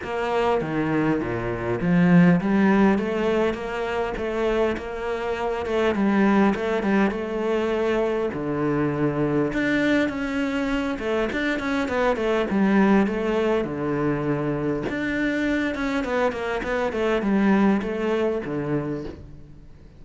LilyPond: \new Staff \with { instrumentName = "cello" } { \time 4/4 \tempo 4 = 101 ais4 dis4 ais,4 f4 | g4 a4 ais4 a4 | ais4. a8 g4 a8 g8 | a2 d2 |
d'4 cis'4. a8 d'8 cis'8 | b8 a8 g4 a4 d4~ | d4 d'4. cis'8 b8 ais8 | b8 a8 g4 a4 d4 | }